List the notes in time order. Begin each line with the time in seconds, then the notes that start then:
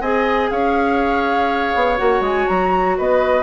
0.00 C4 G#4 D#5 G#5
0.50 C#4 C#5 F5
1.75 B3
1.97 A#3 F#4 F#5
2.20 G#3 G#5
2.47 F#3 A#5
2.97 B3 B4 D#5